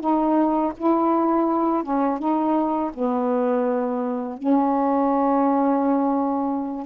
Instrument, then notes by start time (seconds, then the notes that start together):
saxophone
0.00 D#4
0.77 E4
1.83 C#4
2.19 D#4
2.93 B3
4.37 C#4